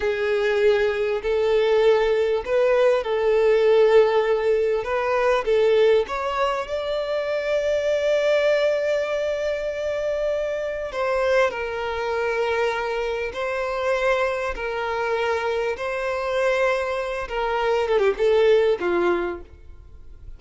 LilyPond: \new Staff \with { instrumentName = "violin" } { \time 4/4 \tempo 4 = 99 gis'2 a'2 | b'4 a'2. | b'4 a'4 cis''4 d''4~ | d''1~ |
d''2 c''4 ais'4~ | ais'2 c''2 | ais'2 c''2~ | c''8 ais'4 a'16 g'16 a'4 f'4 | }